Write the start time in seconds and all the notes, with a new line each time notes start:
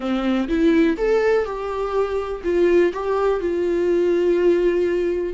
0.00 C4
0.48 E4
0.97 A4
1.45 G4
2.43 F4
2.93 G4
3.40 F4